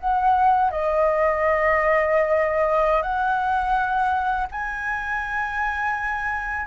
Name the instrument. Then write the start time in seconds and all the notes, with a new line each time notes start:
flute
0.00 F#5
0.71 D#5
3.03 F#5
4.51 G#5